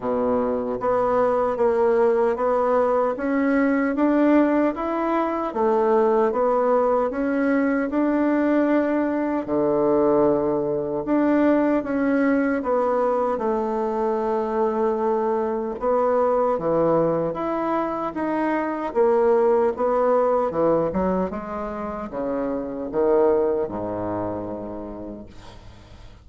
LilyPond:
\new Staff \with { instrumentName = "bassoon" } { \time 4/4 \tempo 4 = 76 b,4 b4 ais4 b4 | cis'4 d'4 e'4 a4 | b4 cis'4 d'2 | d2 d'4 cis'4 |
b4 a2. | b4 e4 e'4 dis'4 | ais4 b4 e8 fis8 gis4 | cis4 dis4 gis,2 | }